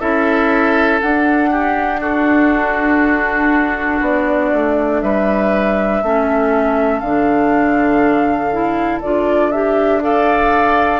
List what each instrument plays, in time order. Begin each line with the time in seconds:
0.00 bassoon C#4, clarinet E4, oboe A4, flute E5
1.01 clarinet D4, bassoon D4, flute F#5
1.51 oboe G4
2.01 oboe F#4, flute A4
4.01 bassoon B3, flute D5
4.53 bassoon A3
5.01 bassoon G3, oboe B4, flute E5
6.03 bassoon A3, clarinet C#4, oboe A4
7.00 bassoon D3, clarinet D4, flute F5
8.52 clarinet E4
9.01 bassoon D4, clarinet F4, flute D5
9.51 clarinet G4, flute E5
10.01 clarinet A4, oboe D5, flute F5